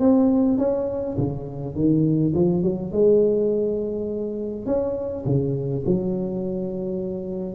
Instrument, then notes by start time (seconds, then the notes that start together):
tuba
0.00 C4
0.59 C#4
1.18 C#3
1.76 D#3
2.35 F3
2.63 F#3
2.92 G#3
4.66 C#4
5.26 C#3
5.86 F#3